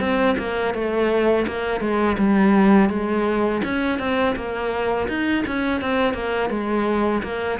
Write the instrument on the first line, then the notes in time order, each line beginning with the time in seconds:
cello
0.00 C4
0.38 A#3
0.74 A3
1.47 A#3
1.80 G#3
2.18 G3
2.89 G#3
3.64 C#4
3.99 C4
4.35 A#3
5.08 D#4
5.47 C#4
5.81 C4
6.13 A#3
6.50 G#3
7.23 A#3